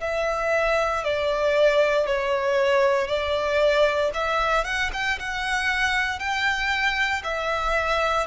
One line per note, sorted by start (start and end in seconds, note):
0.00 1.03 E5
1.03 2.06 D5
2.06 3.07 C#5
3.07 4.11 D5
4.14 4.64 E5
4.64 4.90 F#5
4.93 5.19 G5
5.19 6.19 F#5
6.19 7.22 G5
7.23 8.26 E5